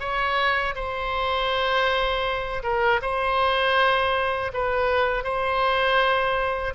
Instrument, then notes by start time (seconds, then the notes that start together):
oboe
0.00 C#5
0.75 C5
2.63 A#4
3.02 C5
4.53 B4
5.24 C5